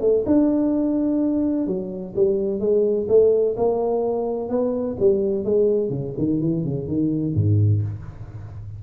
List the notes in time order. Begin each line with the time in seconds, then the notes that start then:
0.00 A3
0.26 D4
1.66 F#3
2.15 G3
2.60 G#3
3.08 A3
3.56 A#3
4.49 B3
4.99 G3
5.44 G#3
5.89 C#3
6.18 D#3
6.40 E3
6.64 C#3
6.87 D#3
7.34 G#2